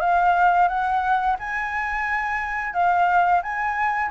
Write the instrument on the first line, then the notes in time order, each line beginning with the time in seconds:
flute
0.00 F5
0.68 F#5
1.39 G#5
2.73 F5
3.42 G#5